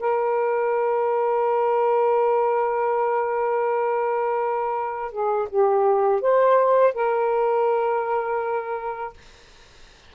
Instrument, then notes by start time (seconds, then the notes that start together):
saxophone
0.00 A#4
5.12 G#4
5.50 G4
6.22 C5
6.95 A#4